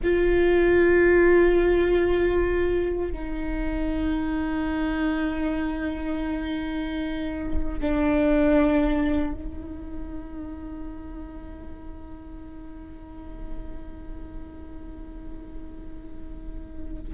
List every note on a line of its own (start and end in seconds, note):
0.03 3.12 F4
3.12 7.80 D#4
7.80 9.34 D4
9.34 17.13 D#4